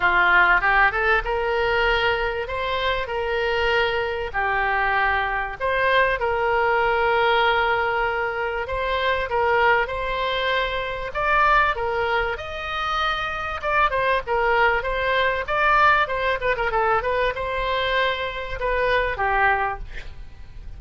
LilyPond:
\new Staff \with { instrumentName = "oboe" } { \time 4/4 \tempo 4 = 97 f'4 g'8 a'8 ais'2 | c''4 ais'2 g'4~ | g'4 c''4 ais'2~ | ais'2 c''4 ais'4 |
c''2 d''4 ais'4 | dis''2 d''8 c''8 ais'4 | c''4 d''4 c''8 b'16 ais'16 a'8 b'8 | c''2 b'4 g'4 | }